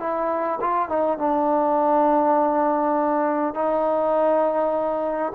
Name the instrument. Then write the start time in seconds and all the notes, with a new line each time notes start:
trombone
0.00 E4
0.61 F4
0.89 D#4
1.19 D4
3.55 D#4